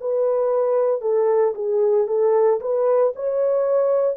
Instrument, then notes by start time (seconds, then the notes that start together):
horn
0.00 B4
1.01 A4
1.55 G#4
2.07 A4
2.60 B4
3.15 C#5